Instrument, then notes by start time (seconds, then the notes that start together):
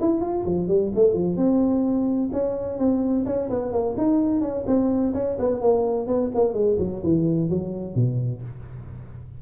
tuba
0.00 E4
0.21 F4
0.45 F3
0.68 G3
0.95 A3
1.13 F3
1.36 C4
2.32 C#4
2.78 C4
3.26 C#4
3.50 B3
3.72 A#3
3.97 D#4
4.41 C#4
4.66 C4
5.14 C#4
5.39 B3
5.61 A#3
6.07 B3
6.35 A#3
6.53 G#3
6.78 F#3
7.03 E3
7.49 F#3
7.95 B2